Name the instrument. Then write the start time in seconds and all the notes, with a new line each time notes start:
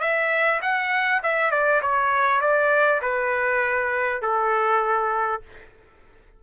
trumpet
0.00 E5
0.62 F#5
1.23 E5
1.51 D5
1.82 C#5
2.41 D5
3.02 B4
4.22 A4